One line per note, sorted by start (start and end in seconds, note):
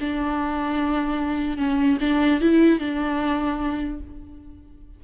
0.00 1.57 D4
1.57 1.98 C#4
2.00 2.40 D4
2.40 2.79 E4
2.79 4.00 D4